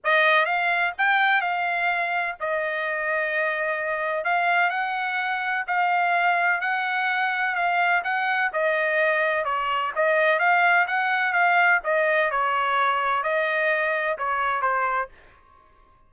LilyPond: \new Staff \with { instrumentName = "trumpet" } { \time 4/4 \tempo 4 = 127 dis''4 f''4 g''4 f''4~ | f''4 dis''2.~ | dis''4 f''4 fis''2 | f''2 fis''2 |
f''4 fis''4 dis''2 | cis''4 dis''4 f''4 fis''4 | f''4 dis''4 cis''2 | dis''2 cis''4 c''4 | }